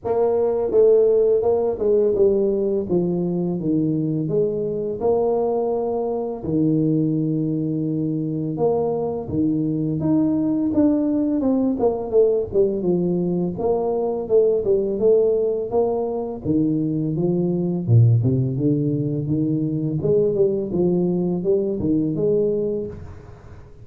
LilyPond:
\new Staff \with { instrumentName = "tuba" } { \time 4/4 \tempo 4 = 84 ais4 a4 ais8 gis8 g4 | f4 dis4 gis4 ais4~ | ais4 dis2. | ais4 dis4 dis'4 d'4 |
c'8 ais8 a8 g8 f4 ais4 | a8 g8 a4 ais4 dis4 | f4 ais,8 c8 d4 dis4 | gis8 g8 f4 g8 dis8 gis4 | }